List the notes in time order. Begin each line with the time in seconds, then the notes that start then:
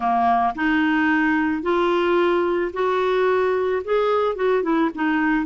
0.00 A#3
0.55 D#4
1.62 F4
2.73 F#4
3.84 G#4
4.35 F#4
4.62 E4
4.95 D#4